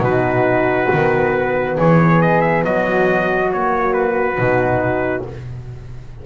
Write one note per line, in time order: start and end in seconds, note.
0.00 0.87 B2
0.00 0.88 D#4
0.00 1.77 F#4
0.00 1.78 B4
0.90 1.78 D#3
0.90 3.51 B3
1.77 2.64 E3
1.77 2.64 G#4
1.77 2.22 C#5
2.22 2.41 D#5
2.41 2.63 E5
2.64 4.38 F#3
2.64 5.26 F#4
2.64 3.52 D#5
3.53 4.36 A#3
3.53 3.93 C#5
3.93 5.24 B4
4.36 5.25 B2
4.36 5.23 D#4